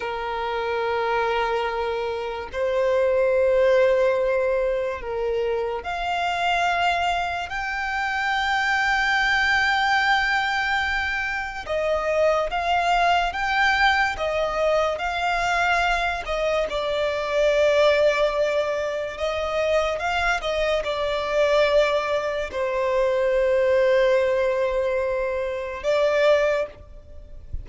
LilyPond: \new Staff \with { instrumentName = "violin" } { \time 4/4 \tempo 4 = 72 ais'2. c''4~ | c''2 ais'4 f''4~ | f''4 g''2.~ | g''2 dis''4 f''4 |
g''4 dis''4 f''4. dis''8 | d''2. dis''4 | f''8 dis''8 d''2 c''4~ | c''2. d''4 | }